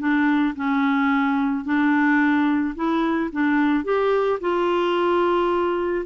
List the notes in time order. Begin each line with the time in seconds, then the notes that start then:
0.00 D4
0.56 C#4
1.65 D4
2.76 E4
3.33 D4
3.85 G4
4.41 F4